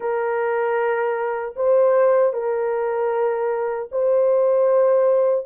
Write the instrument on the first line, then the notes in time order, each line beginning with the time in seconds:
horn
0.00 A#4
1.55 C5
2.33 A#4
3.91 C5